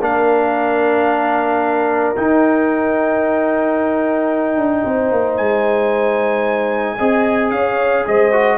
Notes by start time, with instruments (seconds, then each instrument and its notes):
0.00 tuba A#3, trombone D4, horn A#4, trumpet F5
2.15 trombone D#4, tuba D#4, trumpet G5
4.57 tuba D4
4.85 tuba C4, horn C5
5.11 tuba A#3
5.37 tuba G#3, trumpet G#5
6.97 tuba C4, trombone G#4, horn D#5
7.51 tuba C#4, horn C#5, trumpet F5
8.07 tuba G#3, horn C5, trumpet D#5
8.32 trombone F#4